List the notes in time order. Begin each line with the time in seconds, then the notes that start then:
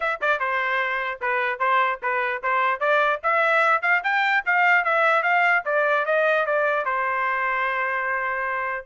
0.00 E5
0.21 D5
0.39 C5
1.21 B4
1.59 C5
2.02 B4
2.42 C5
2.79 D5
3.23 E5
3.82 F5
4.03 G5
4.45 F5
4.84 E5
5.22 F5
5.65 D5
6.05 D#5
6.46 D5
6.85 C5